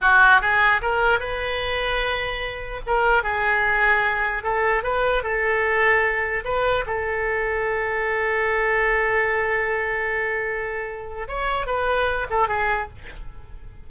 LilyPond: \new Staff \with { instrumentName = "oboe" } { \time 4/4 \tempo 4 = 149 fis'4 gis'4 ais'4 b'4~ | b'2. ais'4 | gis'2. a'4 | b'4 a'2. |
b'4 a'2.~ | a'1~ | a'1 | cis''4 b'4. a'8 gis'4 | }